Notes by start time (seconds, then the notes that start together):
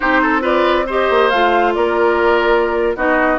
0.00 C4 D#4 G4 C5
0.22 A4
0.40 F4 B4 D5
0.86 G4 C5 D#5
1.10 A#3
1.29 A3 F4 F5
1.74 A#3 A#4 D5
2.96 B3 D#4 F#4 D#5